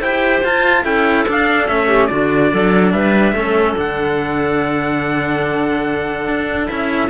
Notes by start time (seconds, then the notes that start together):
0.00 E4 G4 C5 G5
0.44 F4 A5
0.84 C#4 E4 A4 G5
1.28 D4 F5
1.67 A3 C#4 E5
1.87 G4
2.07 D3 D4 F#4 D5
2.51 F#3 A4
2.92 G3 B4 E5
3.33 A3 C#4 A4
3.76 D3 D4 F#5
6.28 D4
6.67 C#4 E4 E5